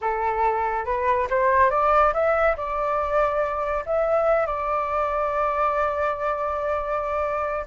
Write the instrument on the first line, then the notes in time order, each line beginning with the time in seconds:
flute
0.01 A4
0.85 B4
1.30 C5
1.70 D5
2.13 E5
2.56 D5
3.86 E5
4.46 D5